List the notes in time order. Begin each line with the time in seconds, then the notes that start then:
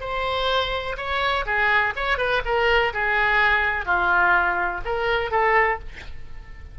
0.00 C5
0.97 C#5
1.46 G#4
1.95 C#5
2.18 B4
2.45 A#4
2.93 G#4
3.85 F4
4.85 A#4
5.31 A4